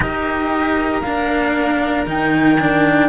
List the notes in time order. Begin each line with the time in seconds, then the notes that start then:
0.00 D#4 G4 A#4 D#5
1.01 A#3 D4 F5
2.06 D#3 D#4 G5
2.60 D4